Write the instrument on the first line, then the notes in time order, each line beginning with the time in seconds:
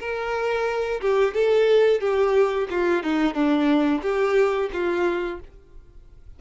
violin
0.00 A#4
1.01 G4
1.35 A4
2.01 G4
2.71 F4
3.03 D#4
3.34 D4
4.02 G4
4.73 F4